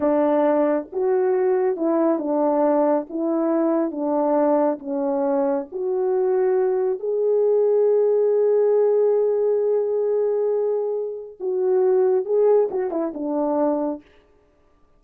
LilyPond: \new Staff \with { instrumentName = "horn" } { \time 4/4 \tempo 4 = 137 d'2 fis'2 | e'4 d'2 e'4~ | e'4 d'2 cis'4~ | cis'4 fis'2. |
gis'1~ | gis'1~ | gis'2 fis'2 | gis'4 fis'8 e'8 d'2 | }